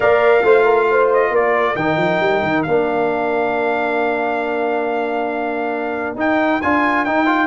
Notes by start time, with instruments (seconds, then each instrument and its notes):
0.00 tuba A#3, trombone A#4, horn D5, trumpet F5
0.43 tuba A3, trombone F4, horn C5
0.64 horn A#4
0.90 horn C5
1.13 trumpet D#5
1.30 tuba A#3, horn A#4, trumpet D5
1.75 tuba D#3, trombone D#4, trumpet G5
1.97 tuba F3
2.19 tuba G3
2.42 tuba D#3
2.62 tuba A#3, trombone D4, trumpet F5
6.15 tuba D#4, trombone D#4, trumpet G5
6.61 tuba D4, trombone F4, trumpet G#5
7.04 trombone D#4, tuba D#4, trumpet G5
7.26 trombone F4